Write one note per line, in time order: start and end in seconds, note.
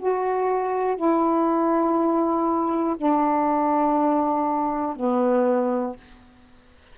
0.00 0.96 F#4
0.96 2.96 E4
2.97 4.96 D4
4.96 5.96 B3